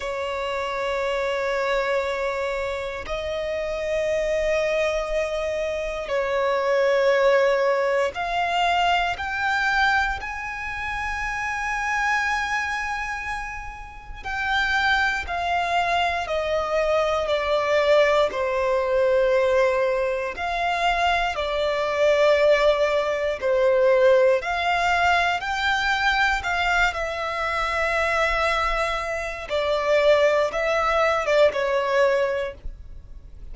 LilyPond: \new Staff \with { instrumentName = "violin" } { \time 4/4 \tempo 4 = 59 cis''2. dis''4~ | dis''2 cis''2 | f''4 g''4 gis''2~ | gis''2 g''4 f''4 |
dis''4 d''4 c''2 | f''4 d''2 c''4 | f''4 g''4 f''8 e''4.~ | e''4 d''4 e''8. d''16 cis''4 | }